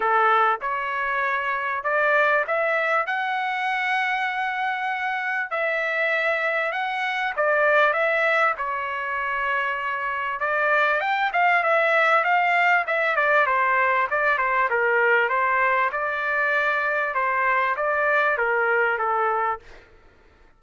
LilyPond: \new Staff \with { instrumentName = "trumpet" } { \time 4/4 \tempo 4 = 98 a'4 cis''2 d''4 | e''4 fis''2.~ | fis''4 e''2 fis''4 | d''4 e''4 cis''2~ |
cis''4 d''4 g''8 f''8 e''4 | f''4 e''8 d''8 c''4 d''8 c''8 | ais'4 c''4 d''2 | c''4 d''4 ais'4 a'4 | }